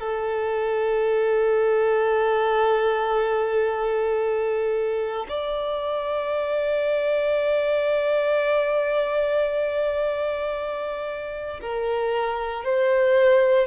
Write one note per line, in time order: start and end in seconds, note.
0.00 5.26 A4
5.29 11.60 D5
11.61 12.64 A#4
12.64 13.67 C5